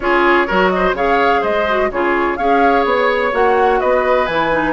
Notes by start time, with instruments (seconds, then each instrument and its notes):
0.00 bassoon C#4, clarinet F4, oboe G#4, flute C#5
0.47 bassoon F#3, clarinet F#4, oboe A#4
0.69 flute D#5
0.75 oboe C5
0.93 bassoon C#3, clarinet G#4, oboe C#5, flute F5
1.41 bassoon G#3, oboe C5, flute D#5
1.68 clarinet F#4
1.91 bassoon C#3, clarinet F4, oboe G#4, flute C#5
2.36 bassoon C#4, clarinet G#4, oboe C#5, flute F5
2.85 bassoon B3, flute C#5
3.31 bassoon A#3, clarinet F#4, flute F#5
3.80 bassoon B3, oboe B4, flute D#5
4.26 bassoon E3, clarinet E4, flute G#5
4.52 clarinet D#4